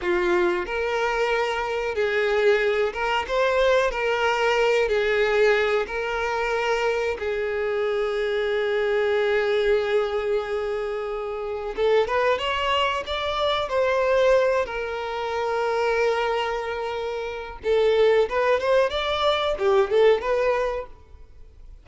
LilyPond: \new Staff \with { instrumentName = "violin" } { \time 4/4 \tempo 4 = 92 f'4 ais'2 gis'4~ | gis'8 ais'8 c''4 ais'4. gis'8~ | gis'4 ais'2 gis'4~ | gis'1~ |
gis'2 a'8 b'8 cis''4 | d''4 c''4. ais'4.~ | ais'2. a'4 | b'8 c''8 d''4 g'8 a'8 b'4 | }